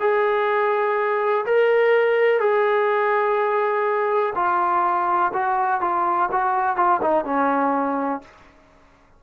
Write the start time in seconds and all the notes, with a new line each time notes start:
0.00 G#4
1.46 A#4
2.40 G#4
4.35 F4
5.33 F#4
5.81 F4
6.32 F#4
6.76 F4
7.02 D#4
7.25 C#4